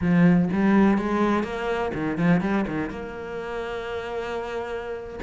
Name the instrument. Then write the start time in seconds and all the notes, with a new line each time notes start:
cello
0.01 F3
0.53 G3
0.98 G#3
1.43 A#3
1.94 D#3
2.17 F3
2.40 G3
2.67 D#3
2.89 A#3